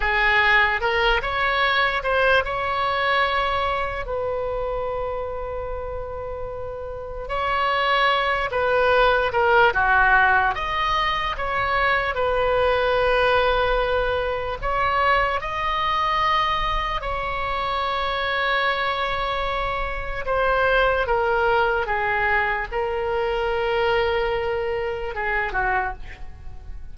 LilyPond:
\new Staff \with { instrumentName = "oboe" } { \time 4/4 \tempo 4 = 74 gis'4 ais'8 cis''4 c''8 cis''4~ | cis''4 b'2.~ | b'4 cis''4. b'4 ais'8 | fis'4 dis''4 cis''4 b'4~ |
b'2 cis''4 dis''4~ | dis''4 cis''2.~ | cis''4 c''4 ais'4 gis'4 | ais'2. gis'8 fis'8 | }